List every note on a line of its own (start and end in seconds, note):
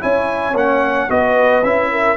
0.00 0.54 C#4
0.00 0.54 E4
0.00 1.09 C#5
0.00 0.56 G#5
0.54 1.07 A#3
0.54 1.09 C#4
0.54 1.10 F#5
1.09 1.64 B3
1.09 1.63 F#4
1.09 1.91 B4
1.09 1.64 D#5
1.64 2.17 C#4
1.64 2.17 E4
1.64 2.17 E5
1.91 2.17 A#4